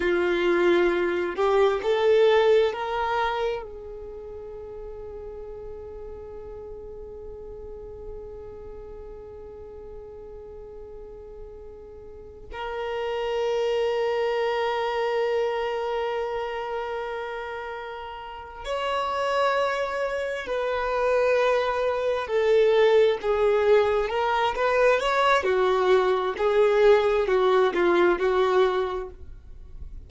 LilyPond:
\new Staff \with { instrumentName = "violin" } { \time 4/4 \tempo 4 = 66 f'4. g'8 a'4 ais'4 | gis'1~ | gis'1~ | gis'4.~ gis'16 ais'2~ ais'16~ |
ais'1~ | ais'8 cis''2 b'4.~ | b'8 a'4 gis'4 ais'8 b'8 cis''8 | fis'4 gis'4 fis'8 f'8 fis'4 | }